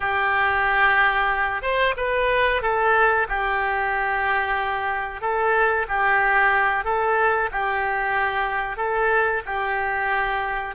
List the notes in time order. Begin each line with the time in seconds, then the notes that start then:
0.00 G4
1.62 C5
1.96 B4
2.61 A4
3.28 G4
5.21 A4
5.88 G4
6.84 A4
7.51 G4
8.76 A4
9.46 G4